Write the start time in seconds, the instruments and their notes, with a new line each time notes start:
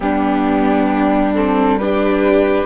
0.00 bassoon G3, viola B3, violin D4, flute G4
1.34 viola C4, flute A4
1.77 viola D4, violin G4, flute B4